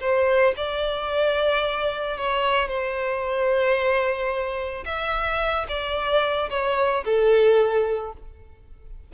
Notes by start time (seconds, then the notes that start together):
0.00 C5
0.57 D5
2.17 C#5
2.68 C5
4.85 E5
5.68 D5
6.50 C#5
7.04 A4